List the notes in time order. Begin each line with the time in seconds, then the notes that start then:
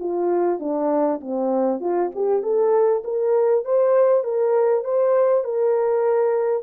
0.00 F4
0.60 D4
1.21 C4
1.81 F4
2.15 G4
2.43 A4
3.05 A#4
3.65 C5
4.25 A#4
4.85 C5
5.45 A#4